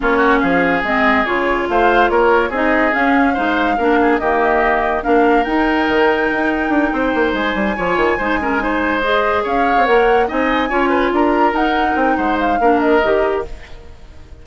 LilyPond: <<
  \new Staff \with { instrumentName = "flute" } { \time 4/4 \tempo 4 = 143 cis''4 f''4 dis''4 cis''4 | f''4 cis''4 dis''4 f''4~ | f''2 dis''2 | f''4 g''2.~ |
g''4. gis''2~ gis''8~ | gis''4. dis''4 f''4 fis''8~ | fis''8 gis''2 ais''4 fis''8~ | fis''8 g''8 fis''8 f''4 dis''4. | }
  \new Staff \with { instrumentName = "oboe" } { \time 4/4 f'8 fis'8 gis'2. | c''4 ais'4 gis'2 | c''4 ais'8 gis'8 g'2 | ais'1~ |
ais'8 c''2 cis''4 c''8 | ais'8 c''2 cis''4.~ | cis''8 dis''4 cis''8 b'8 ais'4.~ | ais'4 c''4 ais'2 | }
  \new Staff \with { instrumentName = "clarinet" } { \time 4/4 cis'2 c'4 f'4~ | f'2 dis'4 cis'4 | dis'4 d'4 ais2 | d'4 dis'2.~ |
dis'2~ dis'8 f'4 dis'8 | cis'8 dis'4 gis'2 ais'8~ | ais'8 dis'4 f'2 dis'8~ | dis'2 d'4 g'4 | }
  \new Staff \with { instrumentName = "bassoon" } { \time 4/4 ais4 f4 gis4 cis4 | a4 ais4 c'4 cis'4 | gis4 ais4 dis2 | ais4 dis'4 dis4 dis'4 |
d'8 c'8 ais8 gis8 g8 f8 dis8 gis8~ | gis2~ gis8 cis'8. c'16 ais8~ | ais8 c'4 cis'4 d'4 dis'8~ | dis'8 c'8 gis4 ais4 dis4 | }
>>